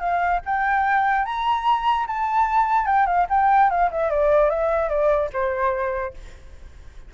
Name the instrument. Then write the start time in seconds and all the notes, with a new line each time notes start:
flute
0.00 F5
0.46 G5
1.25 A#5
2.07 A5
2.87 G5
3.06 F5
3.30 G5
3.70 F5
3.91 E5
4.10 D5
4.50 E5
4.89 D5
5.33 C5